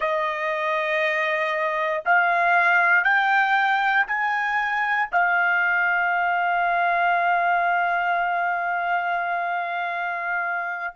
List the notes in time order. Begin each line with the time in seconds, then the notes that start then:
0.00 D#5
2.05 F5
3.04 G5
4.07 G#5
5.11 F5